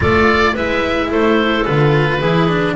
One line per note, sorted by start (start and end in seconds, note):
0.00 0.56 A3
0.00 0.54 F4
0.00 0.53 A4
0.00 0.56 D5
0.53 1.11 G#3
0.53 1.64 E4
0.53 1.08 B4
0.53 1.11 E5
1.09 1.66 A3
1.09 2.18 A4
1.09 1.65 C5
1.64 2.20 D3
1.64 2.19 F4
1.64 2.75 B4
2.18 2.75 E3
2.18 2.48 E4
2.18 2.73 G#4
2.48 2.75 D4